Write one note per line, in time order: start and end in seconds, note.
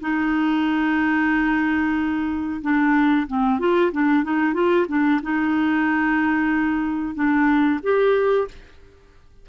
0.00 2.61 D#4
2.61 3.27 D4
3.27 3.59 C4
3.59 3.91 F4
3.92 4.23 D4
4.23 4.53 D#4
4.53 4.86 F4
4.88 5.20 D4
5.22 7.14 D#4
7.14 7.79 D4
7.82 8.48 G4